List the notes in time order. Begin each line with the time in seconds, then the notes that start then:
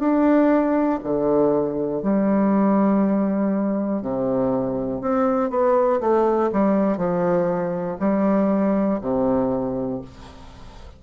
0.00 D4
1.04 D3
2.03 G3
4.02 C3
5.01 C4
5.51 B3
6.01 A3
6.53 G3
6.98 F3
8.00 G3
9.02 C3